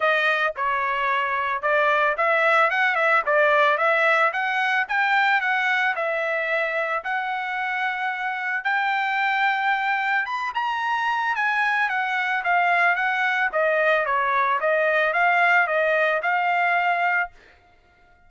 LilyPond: \new Staff \with { instrumentName = "trumpet" } { \time 4/4 \tempo 4 = 111 dis''4 cis''2 d''4 | e''4 fis''8 e''8 d''4 e''4 | fis''4 g''4 fis''4 e''4~ | e''4 fis''2. |
g''2. b''8 ais''8~ | ais''4 gis''4 fis''4 f''4 | fis''4 dis''4 cis''4 dis''4 | f''4 dis''4 f''2 | }